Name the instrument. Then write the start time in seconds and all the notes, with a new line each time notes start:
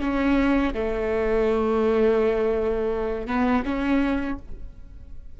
viola
0.00 C#4
0.74 A3
3.27 B3
3.65 C#4